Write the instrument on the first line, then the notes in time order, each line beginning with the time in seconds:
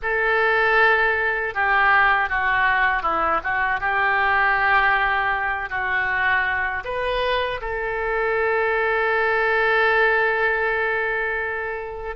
oboe
0.02 A4
1.54 G4
2.29 F#4
3.02 E4
3.43 F#4
3.80 G4
5.69 F#4
6.84 B4
7.61 A4